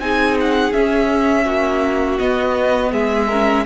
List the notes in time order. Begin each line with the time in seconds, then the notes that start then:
0.00 C4 D#4 G#4 G#5
0.41 F#5
0.73 C#4 E5
1.45 A#3 F#4
2.19 B3 D#5
2.92 G#3 G#4 E5
3.28 C#4 A#4